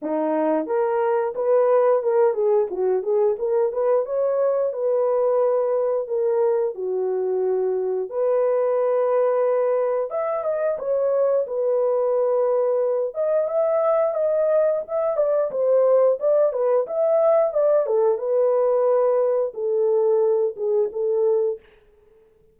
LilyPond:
\new Staff \with { instrumentName = "horn" } { \time 4/4 \tempo 4 = 89 dis'4 ais'4 b'4 ais'8 gis'8 | fis'8 gis'8 ais'8 b'8 cis''4 b'4~ | b'4 ais'4 fis'2 | b'2. e''8 dis''8 |
cis''4 b'2~ b'8 dis''8 | e''4 dis''4 e''8 d''8 c''4 | d''8 b'8 e''4 d''8 a'8 b'4~ | b'4 a'4. gis'8 a'4 | }